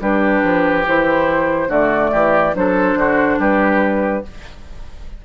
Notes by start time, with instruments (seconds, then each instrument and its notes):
0.00 bassoon G3, clarinet D4, oboe G4, flute B4
0.43 bassoon F3
0.86 bassoon E3, clarinet E4, flute C5
1.67 bassoon D3, clarinet A3, oboe F#4, flute D5
2.12 bassoon E3, oboe G4
2.54 bassoon F#3, clarinet D4, oboe A4, flute C5
2.95 bassoon D3, oboe F#4
3.38 bassoon G3, oboe G4, flute B4